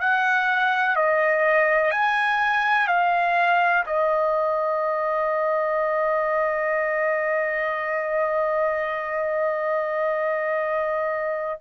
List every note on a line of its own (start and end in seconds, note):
0.00 0.96 F#5
0.96 1.91 D#5
1.91 2.87 G#5
2.87 3.84 F5
3.86 11.60 D#5